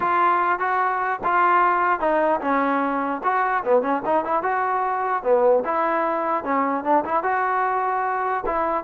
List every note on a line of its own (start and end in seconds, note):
0.00 0.59 F4
0.59 1.19 F#4
1.24 2.00 F4
2.00 2.40 D#4
2.40 3.21 C#4
3.23 3.63 F#4
3.64 3.81 B3
3.81 4.02 C#4
4.05 4.24 D#4
4.24 4.42 E4
4.42 5.23 F#4
5.23 5.63 B3
5.64 6.44 E4
6.44 6.84 C#4
6.84 7.04 D4
7.04 7.23 E4
7.23 8.44 F#4
8.46 8.84 E4